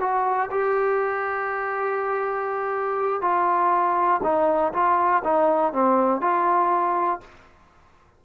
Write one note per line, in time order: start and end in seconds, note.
0.00 0.50 F#4
0.51 3.22 G4
3.22 4.21 F4
4.23 4.73 D#4
4.73 5.23 F4
5.24 5.73 D#4
5.73 6.21 C4
6.21 7.20 F4